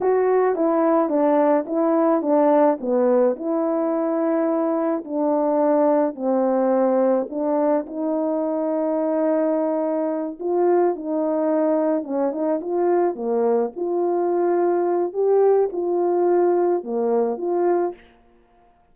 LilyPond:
\new Staff \with { instrumentName = "horn" } { \time 4/4 \tempo 4 = 107 fis'4 e'4 d'4 e'4 | d'4 b4 e'2~ | e'4 d'2 c'4~ | c'4 d'4 dis'2~ |
dis'2~ dis'8 f'4 dis'8~ | dis'4. cis'8 dis'8 f'4 ais8~ | ais8 f'2~ f'8 g'4 | f'2 ais4 f'4 | }